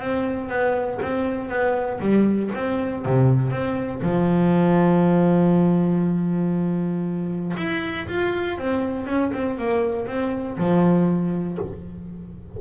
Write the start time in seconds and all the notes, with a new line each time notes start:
0.00 C4
0.49 B3
1.02 C4
1.50 B3
2.01 G3
2.55 C4
3.05 C3
3.51 C4
4.02 F3
7.57 E4
8.08 F4
8.59 C4
9.07 C#4
9.34 C4
9.58 A#3
10.07 C4
10.58 F3